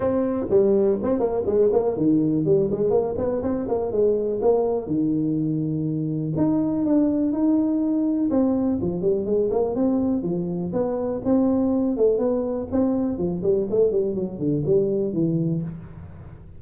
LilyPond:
\new Staff \with { instrumentName = "tuba" } { \time 4/4 \tempo 4 = 123 c'4 g4 c'8 ais8 gis8 ais8 | dis4 g8 gis8 ais8 b8 c'8 ais8 | gis4 ais4 dis2~ | dis4 dis'4 d'4 dis'4~ |
dis'4 c'4 f8 g8 gis8 ais8 | c'4 f4 b4 c'4~ | c'8 a8 b4 c'4 f8 g8 | a8 g8 fis8 d8 g4 e4 | }